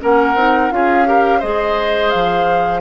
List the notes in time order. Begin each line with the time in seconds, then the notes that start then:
0.00 A#3 C#4 A#4 F#5
0.35 C4 D#4
0.70 C#4 F4 G#4 F5
1.05 G4 A#4
1.39 G#3 G#4 C5 D#5
2.10 F3 F5